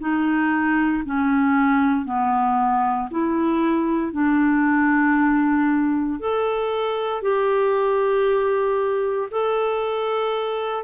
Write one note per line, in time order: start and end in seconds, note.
0.00 1.03 D#4
1.05 2.05 C#4
2.05 3.09 B3
3.11 4.13 E4
4.13 6.20 D4
6.20 7.22 A4
7.22 9.29 G4
9.31 10.84 A4